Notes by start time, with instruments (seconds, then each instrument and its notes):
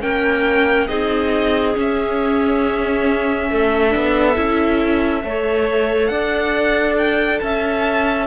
0.00 cello A#3, viola C#4, clarinet A#4, violin G5
0.87 cello C4, viola D#4, clarinet G#4, violin D#5
1.74 viola C#4, cello C#4, violin E5
3.49 cello A3, clarinet A4
3.90 cello B3, viola D4
4.35 cello C#4, viola E4
5.23 cello A3, viola A4, clarinet C#5
6.06 cello D4, clarinet D5, violin F#5
6.98 violin G5
7.39 cello C#4, clarinet E5, violin A5